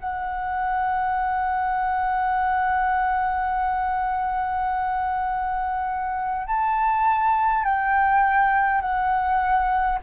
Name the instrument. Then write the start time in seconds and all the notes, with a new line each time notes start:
flute
0.00 F#5
6.47 A5
7.65 G5
8.81 F#5